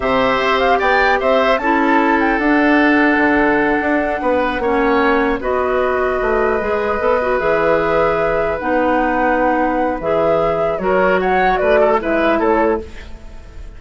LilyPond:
<<
  \new Staff \with { instrumentName = "flute" } { \time 4/4 \tempo 4 = 150 e''4. f''8 g''4 e''4 | a''4. g''8 fis''2~ | fis''1~ | fis''4. dis''2~ dis''8~ |
dis''2~ dis''8 e''4.~ | e''4. fis''2~ fis''8~ | fis''4 e''2 cis''4 | fis''4 d''4 e''4 cis''4 | }
  \new Staff \with { instrumentName = "oboe" } { \time 4/4 c''2 d''4 c''4 | a'1~ | a'2~ a'8 b'4 cis''8~ | cis''4. b'2~ b'8~ |
b'1~ | b'1~ | b'2. ais'4 | cis''4 b'8 a'8 b'4 a'4 | }
  \new Staff \with { instrumentName = "clarinet" } { \time 4/4 g'1 | e'2 d'2~ | d'2.~ d'8 cis'8~ | cis'4. fis'2~ fis'8~ |
fis'8 gis'4 a'8 fis'8 gis'4.~ | gis'4. dis'2~ dis'8~ | dis'4 gis'2 fis'4~ | fis'2 e'2 | }
  \new Staff \with { instrumentName = "bassoon" } { \time 4/4 c4 c'4 b4 c'4 | cis'2 d'2 | d4. d'4 b4 ais8~ | ais4. b2 a8~ |
a8 gis4 b4 e4.~ | e4. b2~ b8~ | b4 e2 fis4~ | fis4 a4 gis4 a4 | }
>>